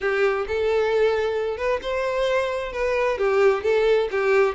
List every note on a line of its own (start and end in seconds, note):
0.00 0.46 G4
0.47 1.57 A4
1.57 1.80 B4
1.82 2.72 C5
2.72 3.17 B4
3.18 3.63 G4
3.63 4.08 A4
4.11 4.55 G4